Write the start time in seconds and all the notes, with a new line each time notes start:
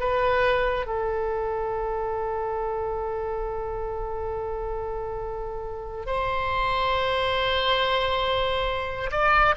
0.00 B4
0.87 A4
6.07 C5
9.12 D5